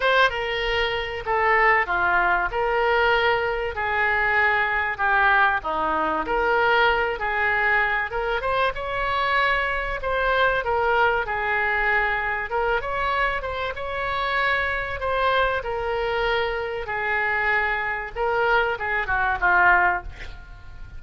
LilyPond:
\new Staff \with { instrumentName = "oboe" } { \time 4/4 \tempo 4 = 96 c''8 ais'4. a'4 f'4 | ais'2 gis'2 | g'4 dis'4 ais'4. gis'8~ | gis'4 ais'8 c''8 cis''2 |
c''4 ais'4 gis'2 | ais'8 cis''4 c''8 cis''2 | c''4 ais'2 gis'4~ | gis'4 ais'4 gis'8 fis'8 f'4 | }